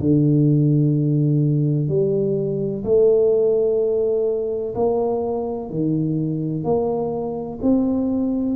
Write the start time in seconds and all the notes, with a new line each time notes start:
0.00 D3
1.89 G3
2.84 A3
4.75 A#3
5.70 D#3
6.64 A#3
7.62 C4